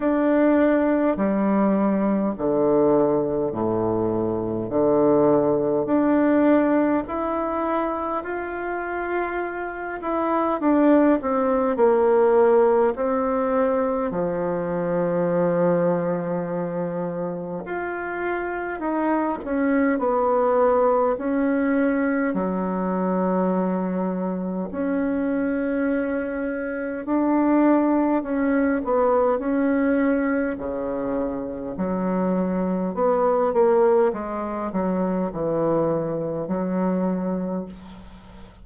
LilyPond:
\new Staff \with { instrumentName = "bassoon" } { \time 4/4 \tempo 4 = 51 d'4 g4 d4 a,4 | d4 d'4 e'4 f'4~ | f'8 e'8 d'8 c'8 ais4 c'4 | f2. f'4 |
dis'8 cis'8 b4 cis'4 fis4~ | fis4 cis'2 d'4 | cis'8 b8 cis'4 cis4 fis4 | b8 ais8 gis8 fis8 e4 fis4 | }